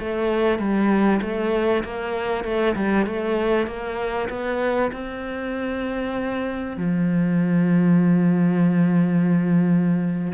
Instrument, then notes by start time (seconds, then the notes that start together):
cello
0.00 A3
0.59 G3
1.22 A3
1.84 A#3
2.45 A3
2.76 G3
3.07 A3
3.67 A#3
4.30 B3
4.92 C4
6.78 F3